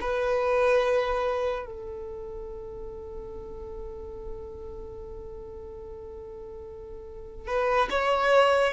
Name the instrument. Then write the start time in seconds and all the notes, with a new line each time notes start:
violin
0.00 B4
1.66 A4
7.47 B4
7.90 C#5